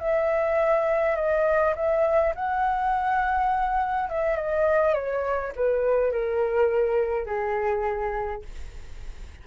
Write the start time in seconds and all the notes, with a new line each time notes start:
0.00 E5
1.16 D#5
1.76 E5
2.35 F#5
4.10 E5
4.36 D#5
4.94 C#5
5.56 B4
6.12 A#4
7.26 G#4